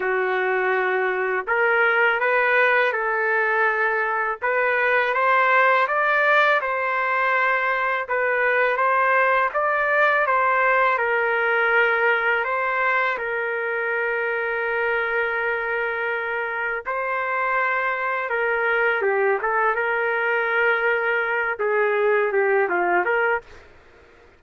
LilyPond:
\new Staff \with { instrumentName = "trumpet" } { \time 4/4 \tempo 4 = 82 fis'2 ais'4 b'4 | a'2 b'4 c''4 | d''4 c''2 b'4 | c''4 d''4 c''4 ais'4~ |
ais'4 c''4 ais'2~ | ais'2. c''4~ | c''4 ais'4 g'8 a'8 ais'4~ | ais'4. gis'4 g'8 f'8 ais'8 | }